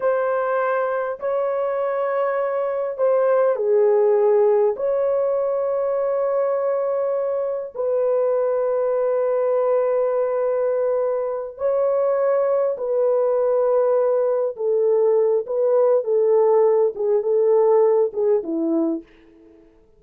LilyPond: \new Staff \with { instrumentName = "horn" } { \time 4/4 \tempo 4 = 101 c''2 cis''2~ | cis''4 c''4 gis'2 | cis''1~ | cis''4 b'2.~ |
b'2.~ b'8 cis''8~ | cis''4. b'2~ b'8~ | b'8 a'4. b'4 a'4~ | a'8 gis'8 a'4. gis'8 e'4 | }